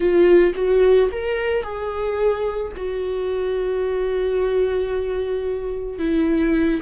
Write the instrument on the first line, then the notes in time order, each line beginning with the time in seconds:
viola
0.00 F4
0.55 F#4
1.11 A#4
1.63 G#4
2.76 F#4
5.98 E4